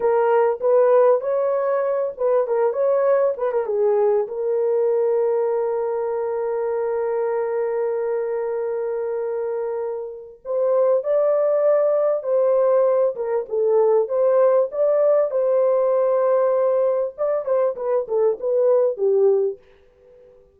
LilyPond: \new Staff \with { instrumentName = "horn" } { \time 4/4 \tempo 4 = 98 ais'4 b'4 cis''4. b'8 | ais'8 cis''4 b'16 ais'16 gis'4 ais'4~ | ais'1~ | ais'1~ |
ais'4 c''4 d''2 | c''4. ais'8 a'4 c''4 | d''4 c''2. | d''8 c''8 b'8 a'8 b'4 g'4 | }